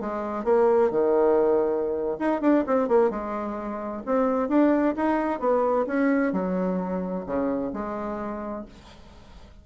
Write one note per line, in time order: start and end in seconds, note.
0.00 0.44 G#3
0.44 0.90 A#3
0.90 2.17 D#3
2.19 2.41 D#4
2.41 2.64 D4
2.66 2.88 C4
2.88 3.10 A#3
3.10 4.03 G#3
4.06 4.48 C4
4.48 4.94 D4
4.96 5.40 D#4
5.40 5.86 B3
5.86 6.32 C#4
6.32 7.25 F#3
7.26 7.72 C#3
7.73 8.65 G#3